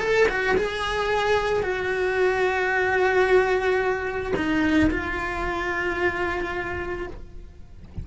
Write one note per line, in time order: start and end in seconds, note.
0.00 0.27 A4
0.29 0.56 F#4
0.57 1.63 G#4
1.63 4.33 F#4
4.36 4.90 D#4
4.91 7.07 F4